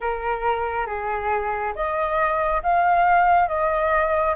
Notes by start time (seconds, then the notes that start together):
0.00 A#4
0.86 G#4
1.75 D#5
2.62 F5
3.48 D#5